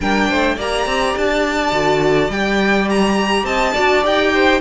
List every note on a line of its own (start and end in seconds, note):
0.00 0.29 G3
0.00 0.58 D4
0.00 0.29 A#4
0.00 0.58 G5
0.29 0.57 A3
0.29 0.56 C5
0.56 0.86 A#3
0.56 1.71 G4
0.56 3.44 D5
0.56 1.17 A#5
0.86 1.14 C4
1.16 1.72 D4
1.16 2.31 A5
1.71 2.29 D3
1.71 2.29 F#4
2.29 3.43 G3
2.29 3.74 G4
2.29 2.88 G5
2.89 3.45 A#5
3.43 3.72 C4
3.43 3.72 D#5
3.43 4.03 A5
3.72 4.05 D4
3.72 4.02 F#4
3.72 4.30 D5
4.02 4.60 D#4
4.02 4.59 G4
4.02 4.60 G5
4.34 4.60 C5